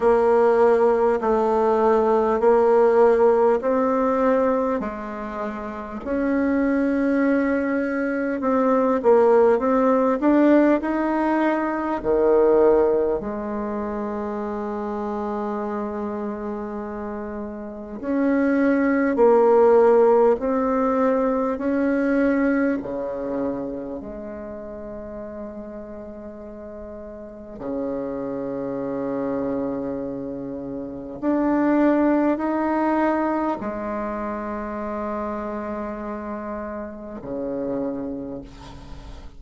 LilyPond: \new Staff \with { instrumentName = "bassoon" } { \time 4/4 \tempo 4 = 50 ais4 a4 ais4 c'4 | gis4 cis'2 c'8 ais8 | c'8 d'8 dis'4 dis4 gis4~ | gis2. cis'4 |
ais4 c'4 cis'4 cis4 | gis2. cis4~ | cis2 d'4 dis'4 | gis2. cis4 | }